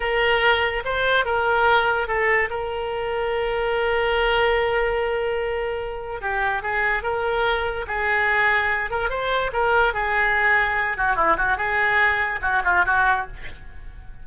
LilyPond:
\new Staff \with { instrumentName = "oboe" } { \time 4/4 \tempo 4 = 145 ais'2 c''4 ais'4~ | ais'4 a'4 ais'2~ | ais'1~ | ais'2. g'4 |
gis'4 ais'2 gis'4~ | gis'4. ais'8 c''4 ais'4 | gis'2~ gis'8 fis'8 e'8 fis'8 | gis'2 fis'8 f'8 fis'4 | }